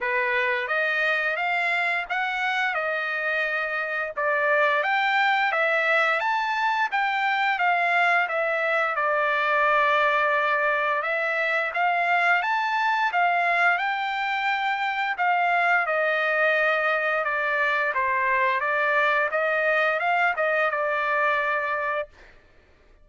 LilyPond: \new Staff \with { instrumentName = "trumpet" } { \time 4/4 \tempo 4 = 87 b'4 dis''4 f''4 fis''4 | dis''2 d''4 g''4 | e''4 a''4 g''4 f''4 | e''4 d''2. |
e''4 f''4 a''4 f''4 | g''2 f''4 dis''4~ | dis''4 d''4 c''4 d''4 | dis''4 f''8 dis''8 d''2 | }